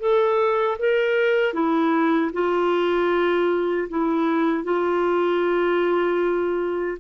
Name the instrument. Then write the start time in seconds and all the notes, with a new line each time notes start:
clarinet
0.00 A4
0.79 A#4
1.54 E4
2.33 F4
3.90 E4
4.64 F4